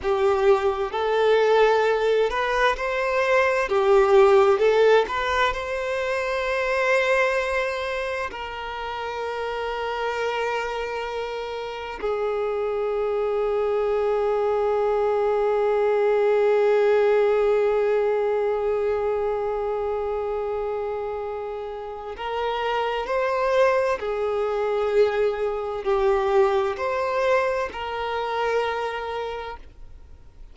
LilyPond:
\new Staff \with { instrumentName = "violin" } { \time 4/4 \tempo 4 = 65 g'4 a'4. b'8 c''4 | g'4 a'8 b'8 c''2~ | c''4 ais'2.~ | ais'4 gis'2.~ |
gis'1~ | gis'1 | ais'4 c''4 gis'2 | g'4 c''4 ais'2 | }